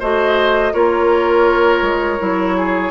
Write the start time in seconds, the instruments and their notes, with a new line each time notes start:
0.00 bassoon A3, clarinet F#4, oboe C5, flute D#5
0.73 bassoon A#3, clarinet F4, oboe A#4, flute C#5
1.82 bassoon G#3
2.19 bassoon F#3, clarinet E4
2.57 oboe G#4